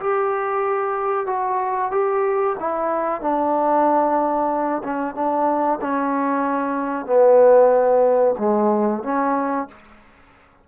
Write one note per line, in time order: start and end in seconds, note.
0.00 1.27 G4
1.27 1.91 F#4
1.91 2.56 G4
2.60 3.21 E4
3.21 4.83 D4
4.84 5.15 C#4
5.15 5.79 D4
5.81 7.06 C#4
7.06 8.35 B3
8.39 9.03 G#3
9.04 9.68 C#4